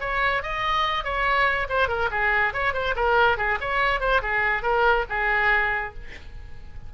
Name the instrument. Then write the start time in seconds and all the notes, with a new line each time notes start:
oboe
0.00 C#5
0.43 D#5
1.04 C#5
1.69 C5
1.88 A#4
2.11 G#4
2.53 C#5
2.73 C5
2.96 A#4
3.37 G#4
3.60 C#5
4.00 C5
4.22 G#4
4.62 A#4
5.09 G#4